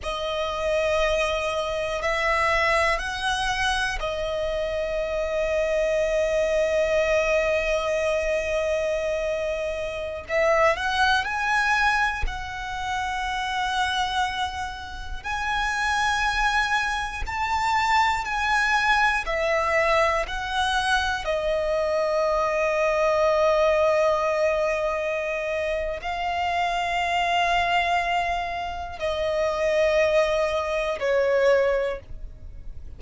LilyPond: \new Staff \with { instrumentName = "violin" } { \time 4/4 \tempo 4 = 60 dis''2 e''4 fis''4 | dis''1~ | dis''2~ dis''16 e''8 fis''8 gis''8.~ | gis''16 fis''2. gis''8.~ |
gis''4~ gis''16 a''4 gis''4 e''8.~ | e''16 fis''4 dis''2~ dis''8.~ | dis''2 f''2~ | f''4 dis''2 cis''4 | }